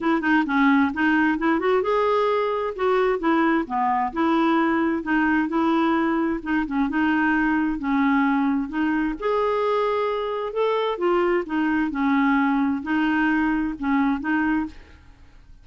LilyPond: \new Staff \with { instrumentName = "clarinet" } { \time 4/4 \tempo 4 = 131 e'8 dis'8 cis'4 dis'4 e'8 fis'8 | gis'2 fis'4 e'4 | b4 e'2 dis'4 | e'2 dis'8 cis'8 dis'4~ |
dis'4 cis'2 dis'4 | gis'2. a'4 | f'4 dis'4 cis'2 | dis'2 cis'4 dis'4 | }